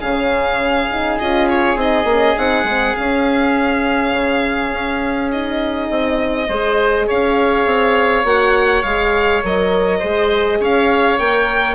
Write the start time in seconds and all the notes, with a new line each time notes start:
0.00 C#3 C#4 G#4 F5
0.91 D#4
1.19 C#4 F4 D#5
1.49 C#5
1.76 C4 D#4 D#5
2.04 A#3 C#4
2.37 C4 D#4 F#5
2.64 G#3 C4
2.95 C#4 F5
4.12 C#3
4.71 C#4
5.32 D#4 D#5
5.90 C4
6.48 G#3 G#4 C5
7.07 C#4 C#5 F5
7.66 C4
8.24 A#3 F#4 F#5
8.83 G#3 G#4 F5
9.43 F#3 A#4 D#5
9.99 G#3 G#4 C5
10.60 C#4 C#5 F5
11.19 A#3 A#4 G5